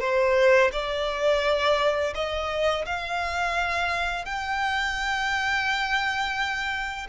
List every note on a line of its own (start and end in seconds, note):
0.00 0.71 C5
0.72 2.13 D5
2.14 2.85 D#5
2.85 4.25 F5
4.25 7.07 G5